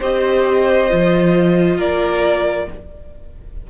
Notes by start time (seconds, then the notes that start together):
0.00 C4 G4 C5 D#5
0.89 F3 F4
1.77 A#3 A#4 D5